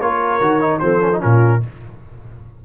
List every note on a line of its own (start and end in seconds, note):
0.00 0.40 A#3
0.00 0.41 F4
0.00 0.81 A#4
0.00 0.79 C#5
0.41 0.81 D#3
0.41 0.60 F#4
0.60 0.81 D#4
0.79 1.22 F3
0.79 1.01 C4
0.79 1.23 A4
0.79 1.19 C5
1.01 1.11 C#4
1.13 1.20 D#4
1.20 1.65 A#2
1.20 1.60 C#4
1.20 1.63 F4
1.20 1.62 A#4